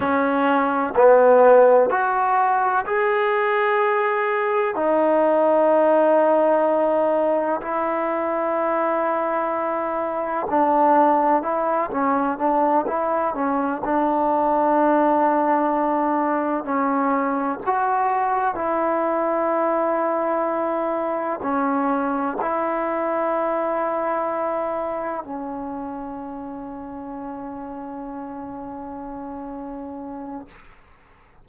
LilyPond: \new Staff \with { instrumentName = "trombone" } { \time 4/4 \tempo 4 = 63 cis'4 b4 fis'4 gis'4~ | gis'4 dis'2. | e'2. d'4 | e'8 cis'8 d'8 e'8 cis'8 d'4.~ |
d'4. cis'4 fis'4 e'8~ | e'2~ e'8 cis'4 e'8~ | e'2~ e'8 cis'4.~ | cis'1 | }